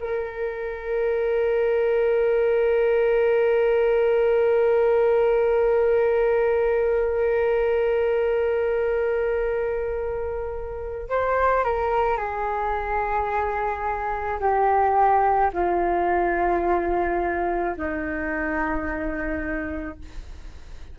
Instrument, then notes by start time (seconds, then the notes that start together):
flute
0.00 A#4
11.09 C5
11.64 A#4
12.17 G#4
14.40 G4
15.54 F4
17.77 D#4